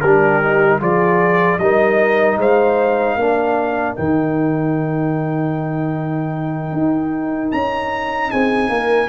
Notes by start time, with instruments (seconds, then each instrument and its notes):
0.00 tuba G3, trombone D4, horn G4, trumpet A#4
0.42 trombone D#4
0.79 tuba F3, trombone F4, horn G#4, trumpet D5
1.59 tuba G3, trombone D#4, horn A#4, trumpet D#5
2.37 tuba G#3, horn C5, trumpet F5
3.16 tuba A#3, trombone D4, horn A#4
3.96 tuba D#3, trombone D#4, trumpet G5
6.72 tuba D#4
7.51 tuba C#4, trumpet A#5
8.30 tuba C4, horn G#4, trumpet G#5
8.69 tuba A#3, horn A#4